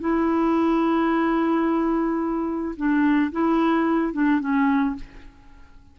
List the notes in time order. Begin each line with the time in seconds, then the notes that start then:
0.00 E4
2.76 D4
3.32 E4
4.13 D4
4.40 C#4